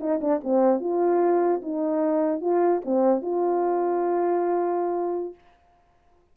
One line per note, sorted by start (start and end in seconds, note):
0.00 0.20 D#4
0.21 0.41 D4
0.44 0.80 C4
0.80 1.61 F4
1.62 2.41 D#4
2.41 2.82 F4
2.85 3.22 C4
3.22 5.35 F4